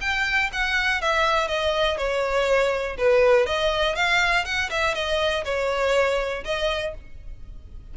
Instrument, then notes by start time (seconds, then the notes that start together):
violin
0.00 G5
0.52 F#5
1.01 E5
1.47 D#5
1.97 C#5
2.97 B4
3.46 D#5
3.95 F5
4.44 F#5
4.70 E5
4.94 D#5
5.44 C#5
6.44 D#5